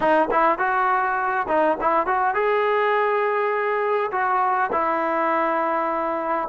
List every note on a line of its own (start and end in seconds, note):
0.00 0.28 D#4
0.31 0.58 E4
0.58 1.46 F#4
1.48 1.77 D#4
1.80 2.06 E4
2.06 2.34 F#4
2.34 4.10 G#4
4.11 4.70 F#4
4.72 6.48 E4